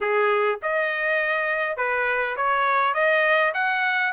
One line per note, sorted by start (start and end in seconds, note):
0.01 0.59 G#4
0.62 1.76 D#5
1.76 2.35 B4
2.36 2.94 C#5
2.94 3.52 D#5
3.54 4.12 F#5